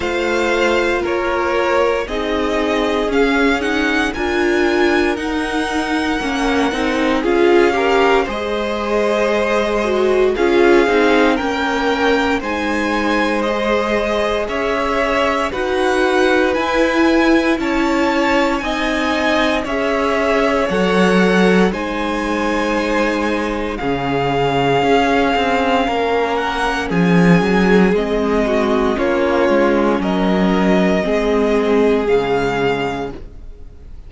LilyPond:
<<
  \new Staff \with { instrumentName = "violin" } { \time 4/4 \tempo 4 = 58 f''4 cis''4 dis''4 f''8 fis''8 | gis''4 fis''2 f''4 | dis''2 f''4 g''4 | gis''4 dis''4 e''4 fis''4 |
gis''4 a''4 gis''4 e''4 | fis''4 gis''2 f''4~ | f''4. fis''8 gis''4 dis''4 | cis''4 dis''2 f''4 | }
  \new Staff \with { instrumentName = "violin" } { \time 4/4 c''4 ais'4 gis'2 | ais'2. gis'8 ais'8 | c''2 gis'4 ais'4 | c''2 cis''4 b'4~ |
b'4 cis''4 dis''4 cis''4~ | cis''4 c''2 gis'4~ | gis'4 ais'4 gis'4. fis'8 | f'4 ais'4 gis'2 | }
  \new Staff \with { instrumentName = "viola" } { \time 4/4 f'2 dis'4 cis'8 dis'8 | f'4 dis'4 cis'8 dis'8 f'8 g'8 | gis'4. fis'8 f'8 dis'8 cis'4 | dis'4 gis'2 fis'4 |
e'2 dis'4 gis'4 | a'4 dis'2 cis'4~ | cis'2. c'4 | cis'2 c'4 gis4 | }
  \new Staff \with { instrumentName = "cello" } { \time 4/4 a4 ais4 c'4 cis'4 | d'4 dis'4 ais8 c'8 cis'4 | gis2 cis'8 c'8 ais4 | gis2 cis'4 dis'4 |
e'4 cis'4 c'4 cis'4 | fis4 gis2 cis4 | cis'8 c'8 ais4 f8 fis8 gis4 | ais8 gis8 fis4 gis4 cis4 | }
>>